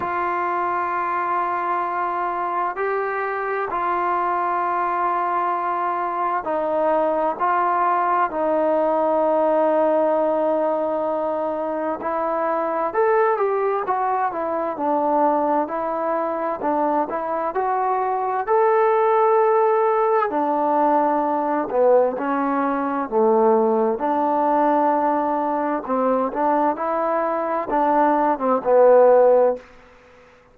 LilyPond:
\new Staff \with { instrumentName = "trombone" } { \time 4/4 \tempo 4 = 65 f'2. g'4 | f'2. dis'4 | f'4 dis'2.~ | dis'4 e'4 a'8 g'8 fis'8 e'8 |
d'4 e'4 d'8 e'8 fis'4 | a'2 d'4. b8 | cis'4 a4 d'2 | c'8 d'8 e'4 d'8. c'16 b4 | }